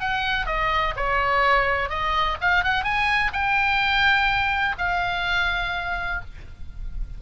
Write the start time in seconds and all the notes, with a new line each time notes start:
0.00 F#5
0.46 D#5
0.96 C#5
1.89 D#5
2.40 F5
2.63 F#5
2.83 G#5
3.32 G5
4.78 F5